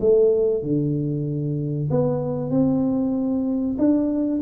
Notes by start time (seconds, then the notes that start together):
0.00 A3
0.63 D3
1.90 B3
2.50 C4
3.78 D4